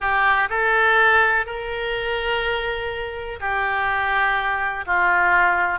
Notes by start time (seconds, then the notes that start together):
0.00 G4
0.49 A4
1.45 A#4
3.40 G4
4.86 F4